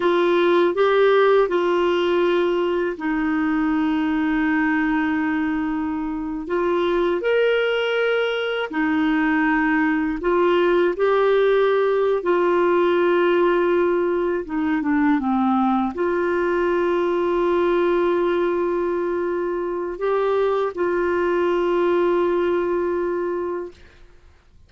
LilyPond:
\new Staff \with { instrumentName = "clarinet" } { \time 4/4 \tempo 4 = 81 f'4 g'4 f'2 | dis'1~ | dis'8. f'4 ais'2 dis'16~ | dis'4.~ dis'16 f'4 g'4~ g'16~ |
g'8 f'2. dis'8 | d'8 c'4 f'2~ f'8~ | f'2. g'4 | f'1 | }